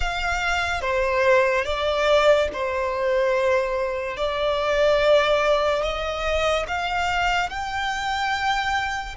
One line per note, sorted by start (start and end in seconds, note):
0.00 0.81 F5
0.81 1.64 C5
1.64 2.48 D5
2.52 4.17 C5
4.17 5.83 D5
5.83 6.66 D#5
6.67 7.49 F5
7.49 9.16 G5